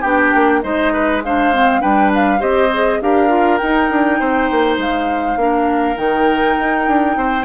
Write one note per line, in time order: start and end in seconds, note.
0.00 0.33 B3
0.00 0.62 D4
0.00 0.59 G4
0.00 0.61 G5
0.34 0.63 A#3
0.62 1.82 G#3
0.62 1.22 D#4
0.62 0.93 C5
0.62 1.21 D#5
0.93 1.22 B4
1.23 1.53 D4
1.23 1.81 C5
1.23 1.81 F5
1.53 1.80 C4
1.80 2.41 G3
1.80 2.38 D4
1.80 2.39 B4
1.80 2.11 G5
2.14 2.41 F5
2.38 3.00 C4
2.38 2.68 G4
2.38 2.99 C5
2.38 3.00 D#5
2.73 3.01 G#4
3.01 3.60 D4
3.01 3.28 G4
3.01 4.19 A#4
3.01 3.57 F5
3.28 3.58 F4
3.57 3.90 D#4
3.57 4.76 G5
3.63 5.38 D#4
3.90 4.20 D4
4.19 4.50 C4
4.19 5.38 C5
4.50 4.77 A#3
4.77 5.36 G#3
4.77 5.97 F5
5.36 5.95 A#3
5.36 5.95 D4
5.36 7.17 A#4
5.95 6.56 D#3
5.95 7.43 D#4
5.95 7.44 G5
6.59 6.87 D#4
6.87 7.16 D4
7.16 7.44 C4
7.16 7.44 C5